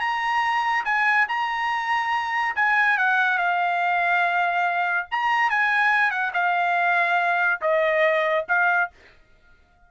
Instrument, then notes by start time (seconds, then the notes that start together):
trumpet
0.00 A#5
0.85 G#5
1.28 A#5
2.56 G#5
2.98 F#5
3.38 F5
5.11 A#5
5.50 G#5
6.11 F#5
6.34 F5
7.61 D#5
8.48 F5